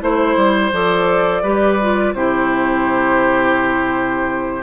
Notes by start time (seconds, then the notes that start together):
0.00 A3 E4 C5
0.36 G3
0.72 F3 A4 D5
1.42 G3 G4 B4
1.81 F4
2.14 C3 E4 G4 C5